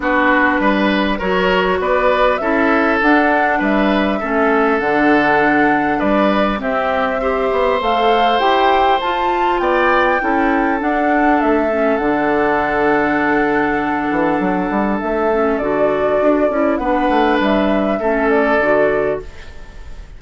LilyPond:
<<
  \new Staff \with { instrumentName = "flute" } { \time 4/4 \tempo 4 = 100 b'2 cis''4 d''4 | e''4 fis''4 e''2 | fis''2 d''4 e''4~ | e''4 f''4 g''4 a''4 |
g''2 fis''4 e''4 | fis''1~ | fis''4 e''4 d''2 | fis''4 e''4. d''4. | }
  \new Staff \with { instrumentName = "oboe" } { \time 4/4 fis'4 b'4 ais'4 b'4 | a'2 b'4 a'4~ | a'2 b'4 g'4 | c''1 |
d''4 a'2.~ | a'1~ | a'1 | b'2 a'2 | }
  \new Staff \with { instrumentName = "clarinet" } { \time 4/4 d'2 fis'2 | e'4 d'2 cis'4 | d'2. c'4 | g'4 a'4 g'4 f'4~ |
f'4 e'4 d'4. cis'8 | d'1~ | d'4. cis'8 fis'4. e'8 | d'2 cis'4 fis'4 | }
  \new Staff \with { instrumentName = "bassoon" } { \time 4/4 b4 g4 fis4 b4 | cis'4 d'4 g4 a4 | d2 g4 c'4~ | c'8 b8 a4 e'4 f'4 |
b4 cis'4 d'4 a4 | d2.~ d8 e8 | fis8 g8 a4 d4 d'8 cis'8 | b8 a8 g4 a4 d4 | }
>>